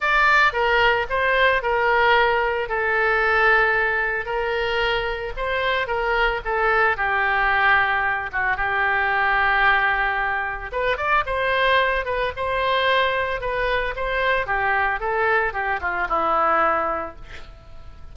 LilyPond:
\new Staff \with { instrumentName = "oboe" } { \time 4/4 \tempo 4 = 112 d''4 ais'4 c''4 ais'4~ | ais'4 a'2. | ais'2 c''4 ais'4 | a'4 g'2~ g'8 fis'8 |
g'1 | b'8 d''8 c''4. b'8 c''4~ | c''4 b'4 c''4 g'4 | a'4 g'8 f'8 e'2 | }